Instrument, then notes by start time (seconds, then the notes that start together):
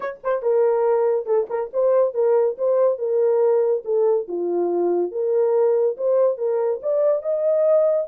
horn
0.00 C#5
0.23 C5
0.42 A#4
1.26 A4
1.49 A#4
1.73 C5
2.14 A#4
2.57 C5
2.98 A#4
3.84 A4
4.28 F4
5.11 A#4
5.97 C5
6.37 A#4
6.82 D5
7.22 D#5